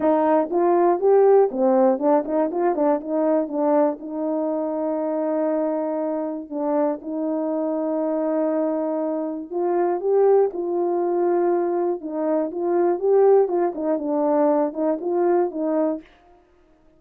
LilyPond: \new Staff \with { instrumentName = "horn" } { \time 4/4 \tempo 4 = 120 dis'4 f'4 g'4 c'4 | d'8 dis'8 f'8 d'8 dis'4 d'4 | dis'1~ | dis'4 d'4 dis'2~ |
dis'2. f'4 | g'4 f'2. | dis'4 f'4 g'4 f'8 dis'8 | d'4. dis'8 f'4 dis'4 | }